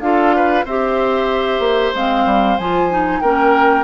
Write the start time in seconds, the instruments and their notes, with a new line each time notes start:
0.00 bassoon D4, clarinet F4, oboe A4, flute F5
0.36 oboe B4
0.64 bassoon C4, clarinet G4, oboe C5, flute E5
1.59 bassoon A#3
1.94 bassoon G#3, clarinet C4, flute F5
2.25 bassoon G3
2.57 bassoon F3, clarinet F4, flute G#5
2.90 clarinet D#4
3.20 bassoon A#3, clarinet C#4, oboe A#4, flute G5